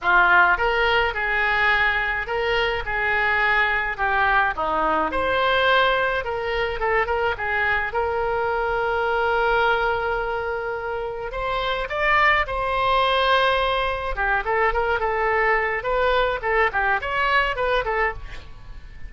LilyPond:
\new Staff \with { instrumentName = "oboe" } { \time 4/4 \tempo 4 = 106 f'4 ais'4 gis'2 | ais'4 gis'2 g'4 | dis'4 c''2 ais'4 | a'8 ais'8 gis'4 ais'2~ |
ais'1 | c''4 d''4 c''2~ | c''4 g'8 a'8 ais'8 a'4. | b'4 a'8 g'8 cis''4 b'8 a'8 | }